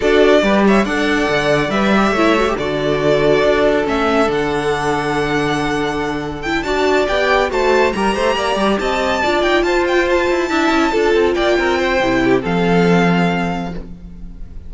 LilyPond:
<<
  \new Staff \with { instrumentName = "violin" } { \time 4/4 \tempo 4 = 140 d''4. e''8 fis''2 | e''2 d''2~ | d''4 e''4 fis''2~ | fis''2. g''8 a''8~ |
a''8 g''4 a''4 ais''4.~ | ais''8 a''4. g''8 a''8 g''8 a''8~ | a''2~ a''8 g''4.~ | g''4 f''2. | }
  \new Staff \with { instrumentName = "violin" } { \time 4/4 a'4 b'8 cis''8 d''2~ | d''4 cis''4 a'2~ | a'1~ | a'2.~ a'8 d''8~ |
d''4. c''4 ais'8 c''8 d''8~ | d''8 dis''4 d''4 c''4.~ | c''8 e''4 a'4 d''8 ais'8 c''8~ | c''8 g'8 a'2. | }
  \new Staff \with { instrumentName = "viola" } { \time 4/4 fis'4 g'4 a'2 | b'8 g'8 e'8 fis'16 g'16 fis'2~ | fis'4 cis'4 d'2~ | d'2. e'8 fis'8~ |
fis'8 g'4 fis'4 g'4.~ | g'4. f'2~ f'8~ | f'8 e'4 f'2~ f'8 | e'4 c'2. | }
  \new Staff \with { instrumentName = "cello" } { \time 4/4 d'4 g4 d'4 d4 | g4 a4 d2 | d'4 a4 d2~ | d2.~ d8 d'8~ |
d'8 b4 a4 g8 a8 ais8 | g8 c'4 d'8 dis'8 f'4. | e'8 d'8 cis'8 d'8 c'8 ais8 c'4 | c4 f2. | }
>>